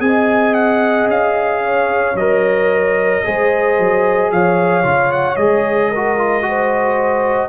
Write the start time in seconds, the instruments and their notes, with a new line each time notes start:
0.00 tuba C4, trombone G#4, horn D#5, trumpet G#5
0.54 trumpet F#5
1.07 tuba C#4, trumpet F5
1.63 horn C#5
2.15 tuba F#3, trombone A#4, trumpet D#5
3.25 tuba G#3, trombone G#4, horn C5
3.79 tuba F#3
4.32 tuba F3, horn C#5, trumpet F5
4.83 tuba C#3, trombone F4
5.12 trumpet F#5
5.36 tuba G#3, trombone G#4, trumpet D#5
5.91 trombone F#4, horn A#4
6.18 trombone F4
6.42 trombone F#4, horn C5